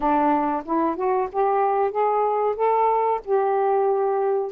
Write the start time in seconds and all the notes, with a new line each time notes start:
0.00 D4
0.65 E4
0.96 F#4
1.31 G4
1.91 G#4
2.56 A4
3.25 G4